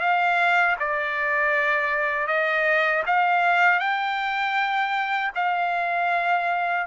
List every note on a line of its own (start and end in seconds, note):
0.00 0.76 F5
0.79 2.27 D5
2.27 3.03 D#5
3.07 3.79 F5
3.79 5.31 G5
5.35 6.86 F5